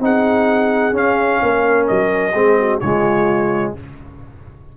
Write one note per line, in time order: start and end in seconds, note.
0.00 0.93 C4
0.00 0.93 D#4
0.00 1.43 G#4
0.00 0.96 F#5
0.93 1.39 C#4
0.93 2.32 C#4
0.93 1.87 F5
1.42 1.89 A#3
1.42 2.34 A#4
1.87 2.33 F#3
1.87 2.80 D#5
2.33 2.79 G#3
2.33 2.81 C4
2.33 2.57 G#4
2.59 2.82 F#4
2.80 3.74 C#3
2.80 3.77 G#3
2.80 3.75 F4
2.80 3.73 C#5